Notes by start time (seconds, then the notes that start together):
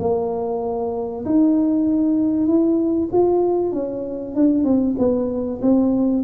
0.00 A#3
1.26 D#4
2.47 E4
3.12 F4
3.73 C#4
4.36 D4
4.64 C4
4.99 B3
5.62 C4